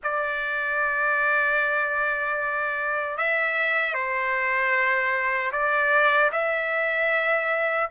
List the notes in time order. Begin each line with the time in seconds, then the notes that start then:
0.03 D5
3.17 E5
3.93 C5
5.52 D5
6.32 E5